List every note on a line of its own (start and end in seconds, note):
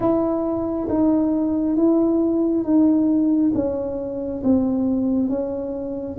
0.00 0.87 E4
0.89 1.76 D#4
1.76 2.64 E4
2.64 3.52 D#4
3.54 4.42 C#4
4.43 5.29 C4
5.29 6.17 C#4